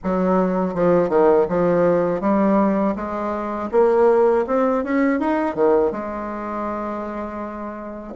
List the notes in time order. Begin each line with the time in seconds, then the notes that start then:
0.03 F#3
0.74 F3
1.09 D#3
1.48 F3
2.20 G3
2.95 G#3
3.71 A#3
4.46 C4
4.84 C#4
5.19 D#4
5.54 D#3
5.91 G#3